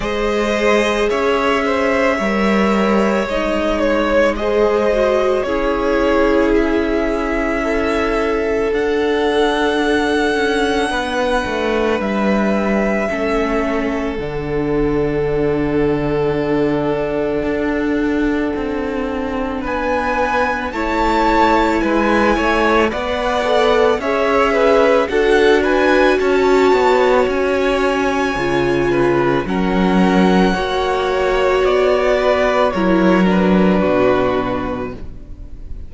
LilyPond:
<<
  \new Staff \with { instrumentName = "violin" } { \time 4/4 \tempo 4 = 55 dis''4 e''2 dis''8 cis''8 | dis''4 cis''4 e''2 | fis''2. e''4~ | e''4 fis''2.~ |
fis''2 gis''4 a''4 | gis''4 fis''4 e''4 fis''8 gis''8 | a''4 gis''2 fis''4~ | fis''4 d''4 cis''8 b'4. | }
  \new Staff \with { instrumentName = "violin" } { \time 4/4 c''4 cis''8 c''8 cis''2 | c''4 gis'2 a'4~ | a'2 b'2 | a'1~ |
a'2 b'4 cis''4 | b'8 cis''8 d''4 cis''8 b'8 a'8 b'8 | cis''2~ cis''8 b'8 ais'4 | cis''4. b'8 ais'4 fis'4 | }
  \new Staff \with { instrumentName = "viola" } { \time 4/4 gis'2 ais'4 dis'4 | gis'8 fis'8 e'2. | d'1 | cis'4 d'2.~ |
d'2. e'4~ | e'4 b'8 a'8 gis'4 fis'4~ | fis'2 f'4 cis'4 | fis'2 e'8 d'4. | }
  \new Staff \with { instrumentName = "cello" } { \time 4/4 gis4 cis'4 g4 gis4~ | gis4 cis'2. | d'4. cis'8 b8 a8 g4 | a4 d2. |
d'4 c'4 b4 a4 | gis8 a8 b4 cis'4 d'4 | cis'8 b8 cis'4 cis4 fis4 | ais4 b4 fis4 b,4 | }
>>